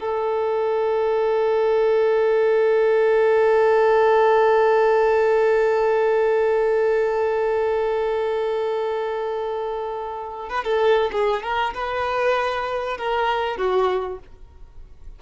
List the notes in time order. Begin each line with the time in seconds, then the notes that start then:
0.00 A4
10.49 B4
10.64 A4
11.12 G#4
11.43 A#4
11.74 B4
12.98 A#4
13.57 F#4